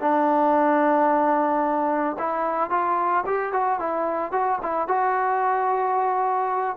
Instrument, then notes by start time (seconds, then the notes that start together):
trombone
0.00 D4
2.18 E4
2.70 F4
3.26 G4
3.52 F#4
3.79 E4
4.32 F#4
4.62 E4
4.88 F#4